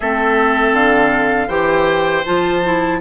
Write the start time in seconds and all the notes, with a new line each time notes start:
0.00 A3 C4 A4 E5
0.73 D3 F5
1.47 E3 G4 C5 G5
2.25 F3 F4 A5
2.63 E4